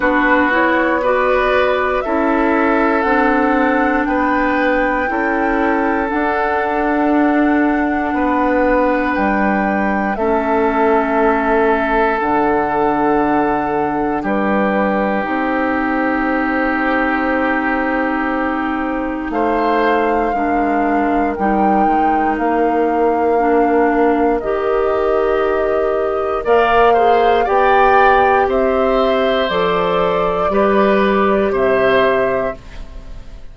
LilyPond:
<<
  \new Staff \with { instrumentName = "flute" } { \time 4/4 \tempo 4 = 59 b'8 cis''8 d''4 e''4 fis''4 | g''2 fis''2~ | fis''4 g''4 e''2 | fis''2 b'4 c''4~ |
c''2. f''4~ | f''4 g''4 f''2 | dis''2 f''4 g''4 | e''4 d''2 e''4 | }
  \new Staff \with { instrumentName = "oboe" } { \time 4/4 fis'4 b'4 a'2 | b'4 a'2. | b'2 a'2~ | a'2 g'2~ |
g'2. c''4 | ais'1~ | ais'2 d''8 c''8 d''4 | c''2 b'4 c''4 | }
  \new Staff \with { instrumentName = "clarinet" } { \time 4/4 d'8 e'8 fis'4 e'4 d'4~ | d'4 e'4 d'2~ | d'2 cis'2 | d'2. dis'4~ |
dis'1 | d'4 dis'2 d'4 | g'2 ais'8 gis'8 g'4~ | g'4 a'4 g'2 | }
  \new Staff \with { instrumentName = "bassoon" } { \time 4/4 b2 cis'4 c'4 | b4 cis'4 d'2 | b4 g4 a2 | d2 g4 c'4~ |
c'2. a4 | gis4 g8 gis8 ais2 | dis2 ais4 b4 | c'4 f4 g4 c4 | }
>>